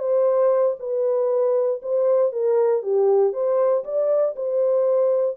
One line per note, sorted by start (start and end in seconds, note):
0.00 0.76 C5
0.80 1.81 B4
1.83 2.32 C5
2.32 2.83 A#4
2.83 3.33 G4
3.33 3.84 C5
3.85 4.35 D5
4.36 5.37 C5